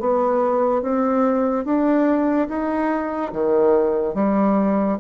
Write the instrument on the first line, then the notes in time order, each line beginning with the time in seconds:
bassoon
0.00 B3
0.82 C4
1.65 D4
2.49 D#4
3.33 D#3
4.15 G3